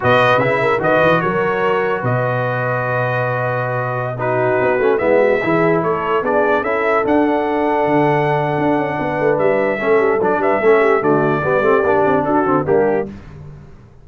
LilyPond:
<<
  \new Staff \with { instrumentName = "trumpet" } { \time 4/4 \tempo 4 = 147 dis''4 e''4 dis''4 cis''4~ | cis''4 dis''2.~ | dis''2~ dis''16 b'4.~ b'16~ | b'16 e''2 cis''4 d''8.~ |
d''16 e''4 fis''2~ fis''8.~ | fis''2. e''4~ | e''4 d''8 e''4. d''4~ | d''2 a'4 g'4 | }
  \new Staff \with { instrumentName = "horn" } { \time 4/4 b'4. ais'8 b'4 ais'4~ | ais'4 b'2.~ | b'2~ b'16 fis'4.~ fis'16~ | fis'16 e'8 fis'8 gis'4 a'4 gis'8.~ |
gis'16 a'2.~ a'8.~ | a'2 b'2 | a'4. b'8 a'8 g'8 fis'4 | g'2 fis'4 d'4 | }
  \new Staff \with { instrumentName = "trombone" } { \time 4/4 fis'4 e'4 fis'2~ | fis'1~ | fis'2~ fis'16 dis'4. cis'16~ | cis'16 b4 e'2 d'8.~ |
d'16 e'4 d'2~ d'8.~ | d'1 | cis'4 d'4 cis'4 a4 | b8 c'8 d'4. c'8 ais4 | }
  \new Staff \with { instrumentName = "tuba" } { \time 4/4 b,4 cis4 dis8 e8 fis4~ | fis4 b,2.~ | b,2.~ b,16 b8 a16~ | a16 gis4 e4 a4 b8.~ |
b16 cis'4 d'2 d8.~ | d4 d'8 cis'8 b8 a8 g4 | a8 g8 fis8 g8 a4 d4 | g8 a8 ais8 c'8 d'8 d8 g4 | }
>>